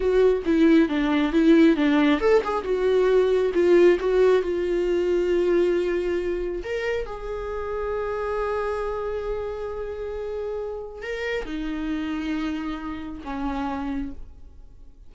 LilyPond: \new Staff \with { instrumentName = "viola" } { \time 4/4 \tempo 4 = 136 fis'4 e'4 d'4 e'4 | d'4 a'8 gis'8 fis'2 | f'4 fis'4 f'2~ | f'2. ais'4 |
gis'1~ | gis'1~ | gis'4 ais'4 dis'2~ | dis'2 cis'2 | }